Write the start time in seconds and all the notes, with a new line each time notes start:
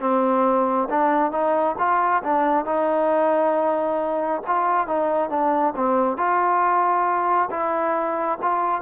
0.00 C4
0.89 D4
1.32 D#4
1.78 F4
2.23 D4
2.66 D#4
4.47 F4
4.87 D#4
5.30 D4
5.76 C4
6.17 F4
7.50 E4
8.42 F4